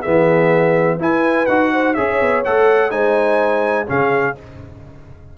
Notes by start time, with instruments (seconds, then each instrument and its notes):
0.00 trombone B3, horn G#4, trumpet E5
0.06 tuba E3
0.99 trombone E4, tuba E4, horn B4, trumpet G#5
1.46 tuba D#4, trombone F#4, trumpet F#5
1.72 horn C5
1.94 tuba C#4, trombone G#4, horn C#5, trumpet E5
2.21 tuba B3
2.44 tuba A3, trombone A4, trumpet F#5
2.90 tuba G#3, trombone D#4, horn C5, trumpet G#5
3.86 tuba C#3, trombone C#4, horn G#4, trumpet F5